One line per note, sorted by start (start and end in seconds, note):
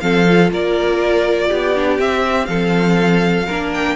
0.00 0.51 F3
0.00 0.26 C4
0.00 0.52 A4
0.00 0.50 F5
0.26 1.75 F4
0.51 1.50 A#3
0.51 1.48 A#4
0.51 2.00 D5
1.48 1.98 B3
1.48 2.47 G4
1.75 1.99 D4
1.98 2.48 C4
1.98 3.48 C4
1.98 2.46 E5
2.46 3.47 F3
2.46 3.46 A4
2.46 3.70 F5
3.46 3.95 A#3
3.46 3.95 D4
3.46 3.95 A#4
3.73 3.95 G5